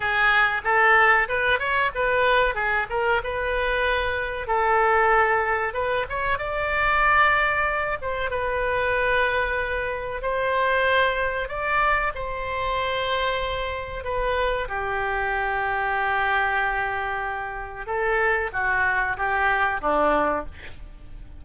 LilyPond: \new Staff \with { instrumentName = "oboe" } { \time 4/4 \tempo 4 = 94 gis'4 a'4 b'8 cis''8 b'4 | gis'8 ais'8 b'2 a'4~ | a'4 b'8 cis''8 d''2~ | d''8 c''8 b'2. |
c''2 d''4 c''4~ | c''2 b'4 g'4~ | g'1 | a'4 fis'4 g'4 d'4 | }